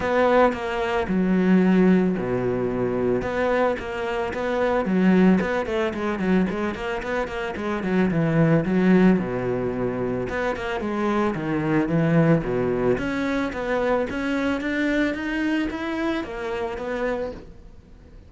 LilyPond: \new Staff \with { instrumentName = "cello" } { \time 4/4 \tempo 4 = 111 b4 ais4 fis2 | b,2 b4 ais4 | b4 fis4 b8 a8 gis8 fis8 | gis8 ais8 b8 ais8 gis8 fis8 e4 |
fis4 b,2 b8 ais8 | gis4 dis4 e4 b,4 | cis'4 b4 cis'4 d'4 | dis'4 e'4 ais4 b4 | }